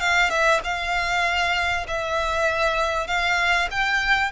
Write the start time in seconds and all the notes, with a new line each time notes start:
0.00 F5
0.30 E5
0.64 F5
1.88 E5
3.07 F5
3.71 G5